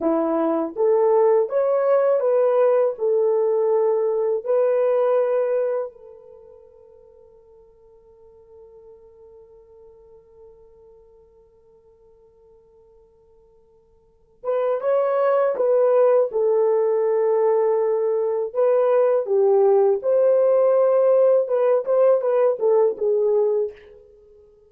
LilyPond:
\new Staff \with { instrumentName = "horn" } { \time 4/4 \tempo 4 = 81 e'4 a'4 cis''4 b'4 | a'2 b'2 | a'1~ | a'1~ |
a'2.~ a'8 b'8 | cis''4 b'4 a'2~ | a'4 b'4 g'4 c''4~ | c''4 b'8 c''8 b'8 a'8 gis'4 | }